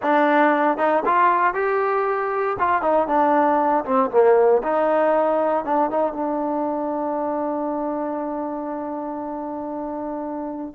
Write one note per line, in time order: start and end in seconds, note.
0.02 0.77 D4
0.77 1.03 D#4
1.05 1.54 F4
1.54 2.56 G4
2.59 2.82 F4
2.82 3.07 D#4
3.07 3.84 D4
3.84 4.10 C4
4.10 4.62 A#3
4.62 5.64 D#4
5.64 5.90 D4
5.90 6.13 D#4
6.13 10.74 D4